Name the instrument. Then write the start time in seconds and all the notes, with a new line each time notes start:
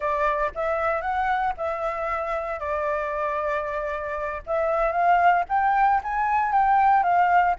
flute
0.00 D5
0.54 E5
1.01 F#5
1.57 E5
2.59 D5
4.46 E5
4.91 F5
5.49 G5
6.03 G#5
6.52 G5
7.03 F5